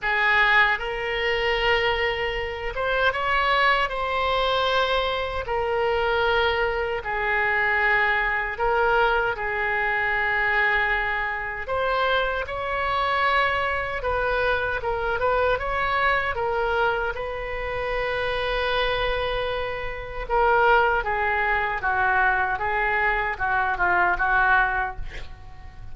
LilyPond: \new Staff \with { instrumentName = "oboe" } { \time 4/4 \tempo 4 = 77 gis'4 ais'2~ ais'8 c''8 | cis''4 c''2 ais'4~ | ais'4 gis'2 ais'4 | gis'2. c''4 |
cis''2 b'4 ais'8 b'8 | cis''4 ais'4 b'2~ | b'2 ais'4 gis'4 | fis'4 gis'4 fis'8 f'8 fis'4 | }